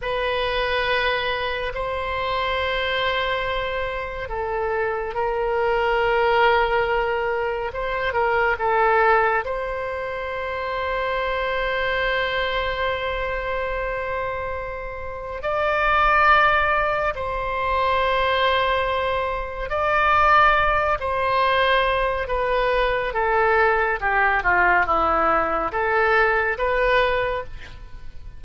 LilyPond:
\new Staff \with { instrumentName = "oboe" } { \time 4/4 \tempo 4 = 70 b'2 c''2~ | c''4 a'4 ais'2~ | ais'4 c''8 ais'8 a'4 c''4~ | c''1~ |
c''2 d''2 | c''2. d''4~ | d''8 c''4. b'4 a'4 | g'8 f'8 e'4 a'4 b'4 | }